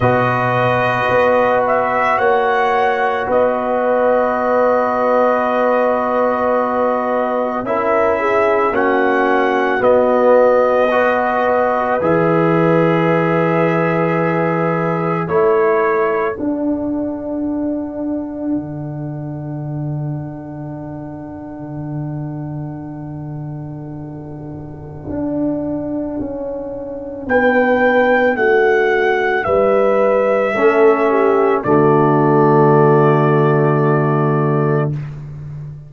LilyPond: <<
  \new Staff \with { instrumentName = "trumpet" } { \time 4/4 \tempo 4 = 55 dis''4. e''8 fis''4 dis''4~ | dis''2. e''4 | fis''4 dis''2 e''4~ | e''2 cis''4 fis''4~ |
fis''1~ | fis''1~ | fis''4 g''4 fis''4 e''4~ | e''4 d''2. | }
  \new Staff \with { instrumentName = "horn" } { \time 4/4 b'2 cis''4 b'4~ | b'2. ais'8 gis'8 | fis'2 b'2~ | b'2 a'2~ |
a'1~ | a'1~ | a'4 b'4 fis'4 b'4 | a'8 g'8 fis'2. | }
  \new Staff \with { instrumentName = "trombone" } { \time 4/4 fis'1~ | fis'2. e'4 | cis'4 b4 fis'4 gis'4~ | gis'2 e'4 d'4~ |
d'1~ | d'1~ | d'1 | cis'4 a2. | }
  \new Staff \with { instrumentName = "tuba" } { \time 4/4 b,4 b4 ais4 b4~ | b2. cis'4 | ais4 b2 e4~ | e2 a4 d'4~ |
d'4 d2.~ | d2. d'4 | cis'4 b4 a4 g4 | a4 d2. | }
>>